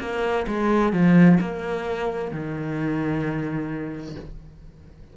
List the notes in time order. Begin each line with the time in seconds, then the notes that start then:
0.00 A#3
0.47 G#3
0.93 F3
1.40 A#3
2.31 D#3